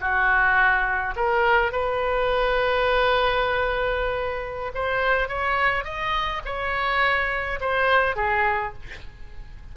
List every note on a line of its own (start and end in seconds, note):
0.00 1.14 F#4
1.16 1.72 A#4
1.72 4.72 B4
4.74 5.28 C5
5.28 5.84 C#5
5.84 6.41 D#5
6.45 7.59 C#5
7.60 8.16 C5
8.16 8.73 G#4